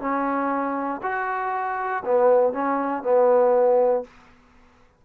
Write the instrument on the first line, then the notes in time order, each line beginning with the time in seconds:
trombone
0.00 C#4
1.02 F#4
2.05 B3
2.53 C#4
3.03 B3